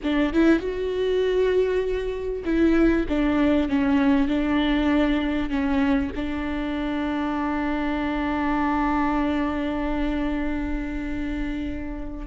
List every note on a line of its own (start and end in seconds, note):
0.03 0.33 D4
0.33 0.59 E4
0.59 2.43 F#4
2.44 3.06 E4
3.08 3.68 D4
3.68 4.27 C#4
4.27 5.49 D4
5.49 6.11 C#4
6.15 12.26 D4